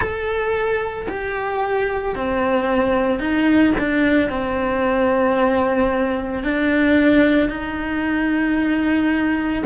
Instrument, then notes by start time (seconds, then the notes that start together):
cello
0.00 A4
1.08 G4
2.15 C4
3.19 D#4
3.78 D4
4.29 C4
6.43 D4
7.49 D#4